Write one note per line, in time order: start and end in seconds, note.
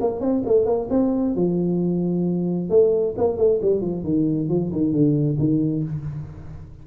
0.00 0.20 A#3
0.20 0.42 C4
0.46 0.65 A3
0.65 0.88 A#3
0.90 1.35 C4
1.35 2.69 F3
2.69 3.14 A3
3.17 3.37 A#3
3.37 3.60 A3
3.62 3.81 G3
3.81 4.03 F3
4.03 4.48 D#3
4.48 4.71 F3
4.72 4.92 D#3
4.92 5.37 D3
5.38 5.83 D#3